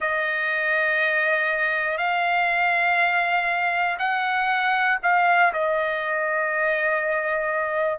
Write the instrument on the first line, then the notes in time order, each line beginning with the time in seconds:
trumpet
0.00 D#5
1.97 F5
3.98 F#5
5.02 F5
5.53 D#5